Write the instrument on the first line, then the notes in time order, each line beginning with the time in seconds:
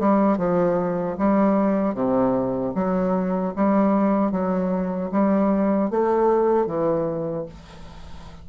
bassoon
0.00 G3
0.38 F3
1.18 G3
1.94 C3
2.75 F#3
3.56 G3
4.32 F#3
5.12 G3
5.91 A3
6.67 E3